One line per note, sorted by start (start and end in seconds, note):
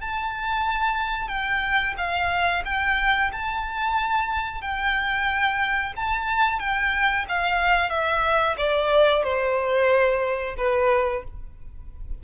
0.00 1.28 A5
1.28 1.94 G5
1.97 2.63 F5
2.65 3.31 G5
3.32 4.61 A5
4.61 5.93 G5
5.96 6.59 A5
6.59 7.25 G5
7.28 7.89 F5
7.89 8.55 E5
8.57 9.23 D5
9.23 10.55 C5
10.57 11.23 B4